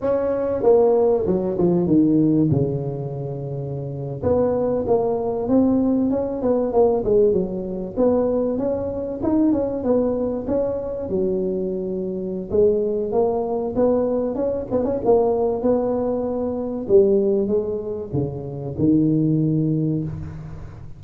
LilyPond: \new Staff \with { instrumentName = "tuba" } { \time 4/4 \tempo 4 = 96 cis'4 ais4 fis8 f8 dis4 | cis2~ cis8. b4 ais16~ | ais8. c'4 cis'8 b8 ais8 gis8 fis16~ | fis8. b4 cis'4 dis'8 cis'8 b16~ |
b8. cis'4 fis2~ fis16 | gis4 ais4 b4 cis'8 b16 cis'16 | ais4 b2 g4 | gis4 cis4 dis2 | }